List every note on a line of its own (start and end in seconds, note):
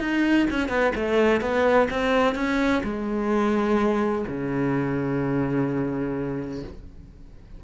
0.00 0.47 D#4
0.50 0.69 C#4
0.69 0.93 B3
0.95 1.41 A3
1.41 1.89 B3
1.90 2.35 C4
2.35 2.82 C#4
2.83 4.25 G#3
4.28 6.64 C#3